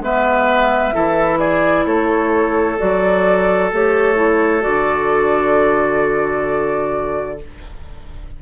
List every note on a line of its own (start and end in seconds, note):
0.00 0.92 G#3
0.00 0.93 B3
0.00 0.94 B4
0.00 1.39 E5
0.93 1.86 E3
0.93 2.77 E4
0.93 1.39 A4
1.39 1.85 G#4
1.39 1.85 D5
1.86 2.78 A3
1.86 7.39 A4
1.86 2.78 C#5
2.78 3.72 F#3
2.78 3.70 F#4
2.78 3.71 D5
3.72 4.65 A3
3.72 4.15 G4
3.72 4.62 C#5
4.15 4.60 E4
4.60 7.42 D3
4.60 7.37 F#4
4.60 7.39 D5